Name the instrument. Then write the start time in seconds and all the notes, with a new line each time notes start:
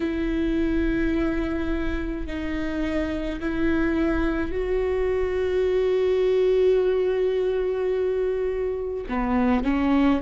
viola
0.00 E4
2.26 D#4
3.40 E4
4.51 F#4
9.09 B3
9.64 C#4